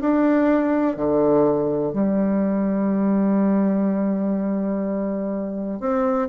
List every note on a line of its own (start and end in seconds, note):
0.00 0.96 D4
0.96 1.93 D3
1.93 5.80 G3
5.80 6.28 C4